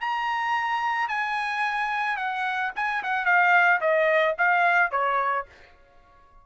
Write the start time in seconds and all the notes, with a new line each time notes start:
0.00 A#5
1.08 G#5
2.16 F#5
2.75 G#5
3.03 F#5
3.25 F5
3.80 D#5
4.38 F5
4.91 C#5